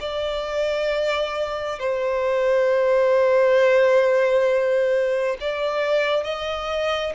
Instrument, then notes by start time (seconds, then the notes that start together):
violin
0.00 D5
1.79 C5
5.41 D5
6.24 D#5